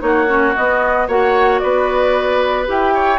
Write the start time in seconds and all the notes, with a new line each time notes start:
0.00 A#3 D#4 F#4 C#5
0.27 C#4
0.55 B3 D#5
1.08 A#3 F#4 C#5 F#5
1.59 B3 B4 D5
2.65 E4 G4 G5
2.94 C#5